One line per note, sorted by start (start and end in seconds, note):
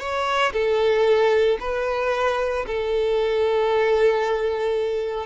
0.00 0.53 C#5
0.53 1.58 A4
1.60 2.66 B4
2.67 5.26 A4